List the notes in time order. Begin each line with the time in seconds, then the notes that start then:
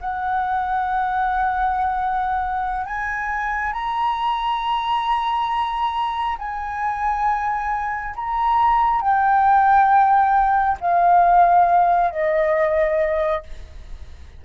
0.00 F#5
2.86 G#5
3.73 A#5
6.38 G#5
8.16 A#5
9.01 G5
10.80 F5
12.10 D#5